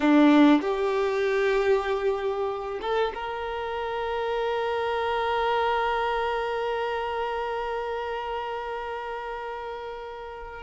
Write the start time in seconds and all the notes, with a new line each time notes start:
0.00 D4
0.61 G4
2.81 A4
3.14 A#4